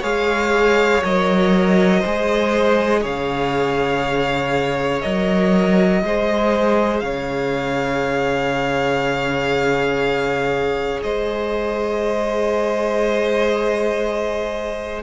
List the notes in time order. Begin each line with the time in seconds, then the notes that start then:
0.00 G#3 G#4 C#5 F5
1.04 F#3 A#4 D#5
2.00 G#3 G#4 C5
3.01 C#3 C#5 F5
5.01 F#3 A#4 D#5
6.03 G#3 G#4 C5
7.00 C#3 C#5 F5
11.03 G#3 C5 D#5